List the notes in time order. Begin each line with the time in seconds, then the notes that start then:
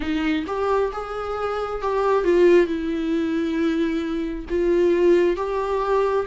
0.00 D#4
0.46 G4
0.92 G#4
1.82 G4
2.24 F4
2.66 E4
4.49 F4
5.36 G4